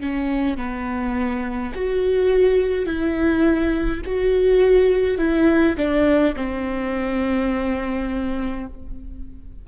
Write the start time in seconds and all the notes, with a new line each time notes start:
0.00 C#4
0.58 B3
1.75 F#4
2.86 E4
4.05 F#4
5.18 E4
5.77 D4
6.36 C4